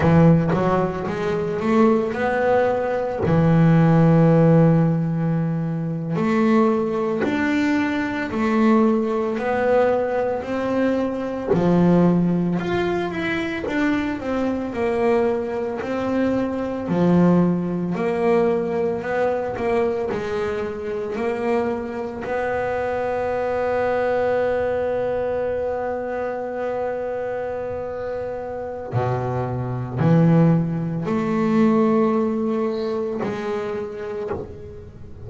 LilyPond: \new Staff \with { instrumentName = "double bass" } { \time 4/4 \tempo 4 = 56 e8 fis8 gis8 a8 b4 e4~ | e4.~ e16 a4 d'4 a16~ | a8. b4 c'4 f4 f'16~ | f'16 e'8 d'8 c'8 ais4 c'4 f16~ |
f8. ais4 b8 ais8 gis4 ais16~ | ais8. b2.~ b16~ | b2. b,4 | e4 a2 gis4 | }